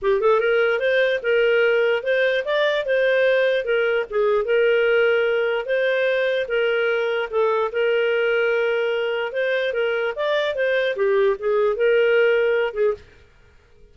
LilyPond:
\new Staff \with { instrumentName = "clarinet" } { \time 4/4 \tempo 4 = 148 g'8 a'8 ais'4 c''4 ais'4~ | ais'4 c''4 d''4 c''4~ | c''4 ais'4 gis'4 ais'4~ | ais'2 c''2 |
ais'2 a'4 ais'4~ | ais'2. c''4 | ais'4 d''4 c''4 g'4 | gis'4 ais'2~ ais'8 gis'8 | }